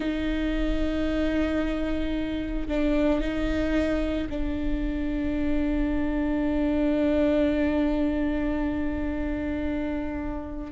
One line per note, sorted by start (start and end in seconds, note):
0.00 2.67 D#4
2.68 3.20 D4
3.20 4.28 D#4
4.29 10.71 D4